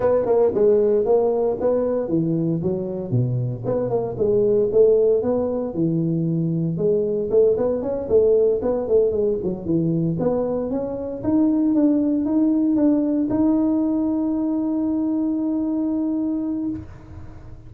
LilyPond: \new Staff \with { instrumentName = "tuba" } { \time 4/4 \tempo 4 = 115 b8 ais8 gis4 ais4 b4 | e4 fis4 b,4 b8 ais8 | gis4 a4 b4 e4~ | e4 gis4 a8 b8 cis'8 a8~ |
a8 b8 a8 gis8 fis8 e4 b8~ | b8 cis'4 dis'4 d'4 dis'8~ | dis'8 d'4 dis'2~ dis'8~ | dis'1 | }